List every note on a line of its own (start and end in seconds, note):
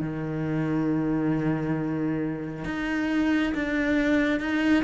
0.00 2.65 D#3
2.65 3.53 D#4
3.54 4.40 D4
4.40 4.84 D#4